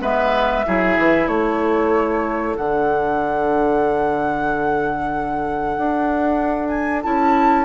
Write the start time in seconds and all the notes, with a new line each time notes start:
0.00 G#3 B3 B4 E5
0.66 F#3 E4 G#4
0.97 E3
1.27 A3 A4 C#5
2.56 D3 D4 F#5
5.77 D4
6.68 G#5
7.02 C#4 E4 A5